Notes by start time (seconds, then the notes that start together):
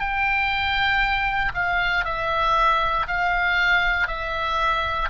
0.00 G5
1.54 F5
2.05 E5
3.07 F5
4.07 E5